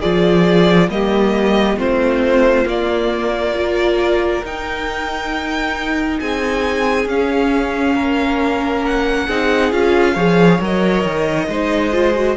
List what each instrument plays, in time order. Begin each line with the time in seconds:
0.00 cello F3, viola F4, violin G#4 D5
0.89 cello G3, viola A#3, violin G4 D#5
1.77 cello A3, viola C4, violin F4 C5
2.65 viola A#3, cello A#3, violin D5
3.54 viola F4, violin A#4
4.43 cello D#4, viola D#4, violin G5
6.20 cello C4, violin G#4 G#5
7.06 cello C#4, viola C#4, violin F5
7.95 cello A#3, violin A#4
8.85 violin F#5
9.28 cello C4, viola D#4, violin G#4
9.72 cello C#4, viola F4, violin F5
10.14 cello F3, viola G#4, violin C#5
10.61 cello F#3, viola A#4, violin D#5
11.04 cello D#3
11.48 cello G#3, viola D#4, violin C5
11.92 viola F4
12.15 viola F#4